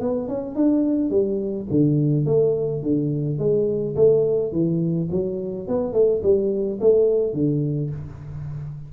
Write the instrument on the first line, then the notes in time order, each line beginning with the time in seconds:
tuba
0.00 B3
0.28 C#4
0.55 D4
1.10 G3
1.70 D3
2.26 A3
2.82 D3
3.38 G#3
3.96 A3
4.52 E3
5.11 F#3
5.68 B3
5.93 A3
6.23 G3
6.80 A3
7.33 D3